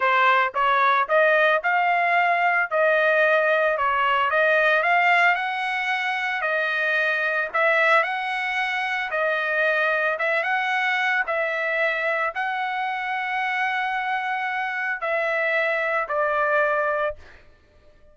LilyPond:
\new Staff \with { instrumentName = "trumpet" } { \time 4/4 \tempo 4 = 112 c''4 cis''4 dis''4 f''4~ | f''4 dis''2 cis''4 | dis''4 f''4 fis''2 | dis''2 e''4 fis''4~ |
fis''4 dis''2 e''8 fis''8~ | fis''4 e''2 fis''4~ | fis''1 | e''2 d''2 | }